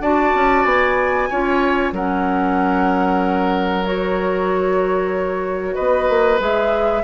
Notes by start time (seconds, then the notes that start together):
0.00 D4 F#4 D5 A5
0.34 C#4
0.65 B3 G#5
1.30 C#4 F4 C#5
1.92 F#3 C#4 A#4 F#5
3.84 F#4 C#5
5.75 B3 B4 D#5
6.09 A#3
6.39 G#3 G#4 E5